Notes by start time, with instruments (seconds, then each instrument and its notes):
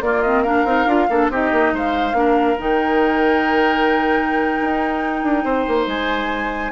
0.00 bassoon A#3, clarinet A#3, oboe F4, flute D5
0.22 clarinet C4, flute D#5
0.43 clarinet D4, oboe A#4, flute F5
0.64 bassoon C4, clarinet D#4
0.86 bassoon D4, clarinet F4
1.09 bassoon A#3, clarinet D4, oboe A4
1.29 bassoon C4, clarinet D#4, oboe G4, flute D#5
1.51 bassoon A#3
1.72 bassoon G#3, oboe C5, flute F5
2.13 bassoon A#3, clarinet D4, oboe A#4
2.58 bassoon D#3, clarinet D#4, flute G5
4.60 bassoon D#4
5.22 bassoon D4
5.44 bassoon C4, oboe C5
5.67 bassoon A#3
5.86 bassoon G#3, flute G#5